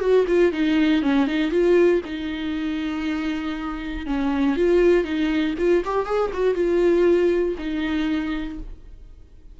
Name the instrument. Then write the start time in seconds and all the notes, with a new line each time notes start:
viola
0.00 F#4
0.27 F4
0.52 D#4
1.02 C#4
1.27 D#4
1.51 F4
2.05 D#4
4.06 C#4
4.56 F4
5.04 D#4
5.58 F4
5.85 G4
6.05 G#4
6.33 F#4
6.54 F4
7.58 D#4